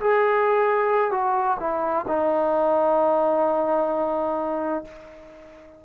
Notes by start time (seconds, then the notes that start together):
0.00 G#4
1.11 F#4
1.60 E4
2.08 D#4